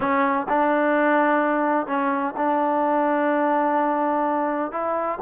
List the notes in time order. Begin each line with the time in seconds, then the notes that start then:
0.00 C#4
0.49 D4
1.87 C#4
2.36 D4
4.71 E4